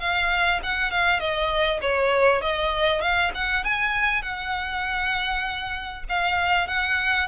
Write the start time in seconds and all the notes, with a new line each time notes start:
0.00 F5
0.63 F#5
0.91 F5
1.20 D#5
1.82 C#5
2.41 D#5
3.01 F5
3.35 F#5
3.64 G#5
4.23 F#5
6.09 F5
6.68 F#5